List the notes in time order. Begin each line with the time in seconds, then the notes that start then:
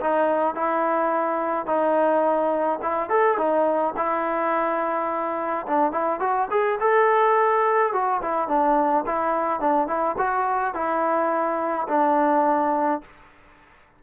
0.00 D#4
0.55 E4
1.66 D#4
2.82 E4
3.09 A4
3.37 D#4
3.96 E4
5.66 D4
5.91 E4
6.20 F#4
6.50 G#4
6.80 A4
7.92 F#4
8.22 E4
8.48 D4
9.06 E4
9.60 D4
9.87 E4
10.17 F#4
10.74 E4
11.88 D4